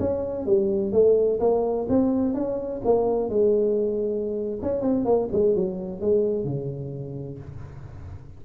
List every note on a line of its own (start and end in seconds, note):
0.00 0.46 C#4
0.46 0.93 G3
0.93 1.40 A3
1.40 1.87 A#3
1.89 2.35 C4
2.35 2.82 C#4
2.85 3.30 A#3
3.30 4.60 G#3
4.62 4.82 C#4
4.82 5.05 C4
5.05 5.29 A#3
5.33 5.56 G#3
5.56 6.01 F#3
6.01 6.45 G#3
6.45 7.39 C#3